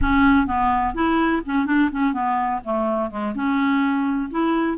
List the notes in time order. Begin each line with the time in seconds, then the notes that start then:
0.01 C#4
0.46 B3
0.94 E4
1.45 C#4
1.66 D4
1.91 C#4
2.13 B3
2.64 A3
3.10 G#3
3.34 C#4
4.30 E4